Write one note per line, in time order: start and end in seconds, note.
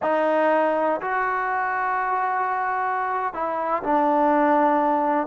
0.02 1.00 D#4
1.01 3.33 F#4
3.33 3.82 E4
3.83 5.27 D4